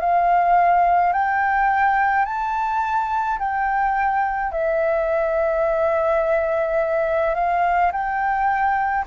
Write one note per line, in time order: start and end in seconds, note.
0.00 1.13 F5
1.13 2.25 G5
2.25 3.39 A5
3.39 4.52 G5
4.52 7.35 E5
7.35 7.91 F5
7.92 9.05 G5